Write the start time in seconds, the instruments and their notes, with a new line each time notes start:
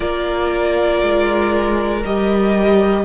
0.00 cello A#3, viola F4, violin A#4 D5
1.02 cello G#3
2.04 cello G3, viola G4, violin D#5